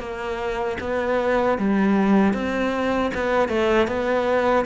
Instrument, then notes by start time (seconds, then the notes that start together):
cello
0.00 A#3
0.80 B3
1.58 G3
2.33 C4
3.14 B3
3.49 A3
3.87 B3